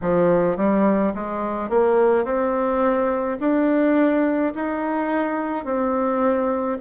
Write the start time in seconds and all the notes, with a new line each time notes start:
0.01 F3
0.57 G3
1.14 G#3
1.69 A#3
2.24 C4
3.40 D4
4.55 D#4
5.64 C4